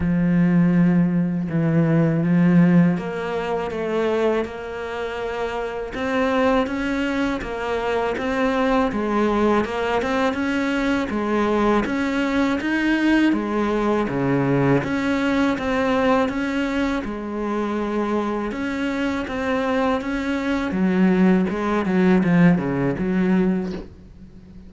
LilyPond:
\new Staff \with { instrumentName = "cello" } { \time 4/4 \tempo 4 = 81 f2 e4 f4 | ais4 a4 ais2 | c'4 cis'4 ais4 c'4 | gis4 ais8 c'8 cis'4 gis4 |
cis'4 dis'4 gis4 cis4 | cis'4 c'4 cis'4 gis4~ | gis4 cis'4 c'4 cis'4 | fis4 gis8 fis8 f8 cis8 fis4 | }